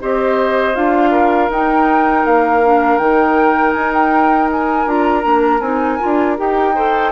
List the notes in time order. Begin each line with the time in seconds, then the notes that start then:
0.00 C4 G4 C5 D#5
0.74 D4 F4 F5
1.11 A#4
1.49 D#4 G5
2.25 A#3 F5
2.63 D4
2.97 D#3 D#4 G5
3.73 D#4 G#5
3.93 G5
4.52 G#5
4.86 D4 F4 A#5
5.22 A#3 D4
5.60 C4 D#4 G#5
5.99 D4 F4
6.37 D#4 G4 G5
6.74 A4 C5